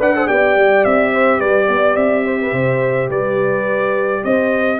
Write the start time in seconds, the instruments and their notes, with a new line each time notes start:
0.00 tuba D4, trombone B4, horn D5, trumpet F#5
0.16 trombone A4, horn C5
0.28 tuba B3, trombone G4, horn D5, trumpet G5
0.56 tuba G3
0.85 tuba C4, trumpet E5
1.13 horn C5
1.39 tuba G3, horn B4, trumpet D5
1.69 tuba B3, horn D5
1.96 tuba C4, trumpet E5
2.25 horn C5
2.42 horn B4
2.53 tuba C3, horn C5
3.09 tuba G3, horn B4, trumpet D5
4.24 tuba C4, horn C5, trumpet D#5